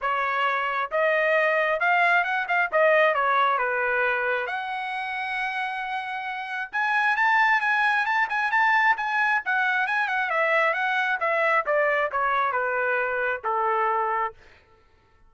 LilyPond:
\new Staff \with { instrumentName = "trumpet" } { \time 4/4 \tempo 4 = 134 cis''2 dis''2 | f''4 fis''8 f''8 dis''4 cis''4 | b'2 fis''2~ | fis''2. gis''4 |
a''4 gis''4 a''8 gis''8 a''4 | gis''4 fis''4 gis''8 fis''8 e''4 | fis''4 e''4 d''4 cis''4 | b'2 a'2 | }